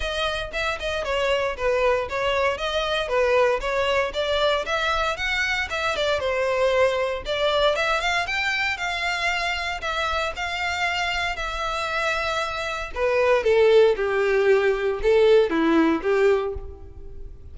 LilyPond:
\new Staff \with { instrumentName = "violin" } { \time 4/4 \tempo 4 = 116 dis''4 e''8 dis''8 cis''4 b'4 | cis''4 dis''4 b'4 cis''4 | d''4 e''4 fis''4 e''8 d''8 | c''2 d''4 e''8 f''8 |
g''4 f''2 e''4 | f''2 e''2~ | e''4 b'4 a'4 g'4~ | g'4 a'4 e'4 g'4 | }